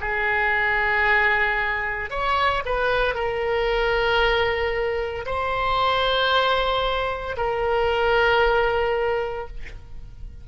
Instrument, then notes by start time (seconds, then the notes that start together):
oboe
0.00 G#4
2.10 C#5
2.65 B4
3.14 A#4
5.25 C5
7.36 A#4